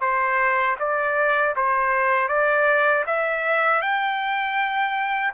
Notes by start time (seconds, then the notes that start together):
0.00 C5
0.79 D5
1.56 C5
2.28 D5
3.06 E5
3.81 G5